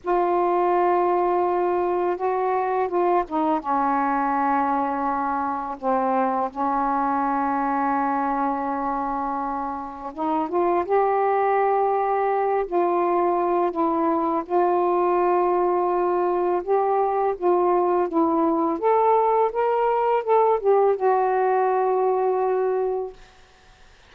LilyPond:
\new Staff \with { instrumentName = "saxophone" } { \time 4/4 \tempo 4 = 83 f'2. fis'4 | f'8 dis'8 cis'2. | c'4 cis'2.~ | cis'2 dis'8 f'8 g'4~ |
g'4. f'4. e'4 | f'2. g'4 | f'4 e'4 a'4 ais'4 | a'8 g'8 fis'2. | }